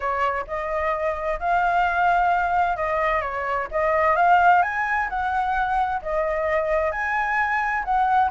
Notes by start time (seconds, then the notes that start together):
0.00 C#5
0.47 D#5
1.39 F5
2.76 D#5
3.21 C#5
3.71 D#5
4.16 F5
4.62 G#5
5.09 F#5
6.02 D#5
6.91 G#5
7.84 F#5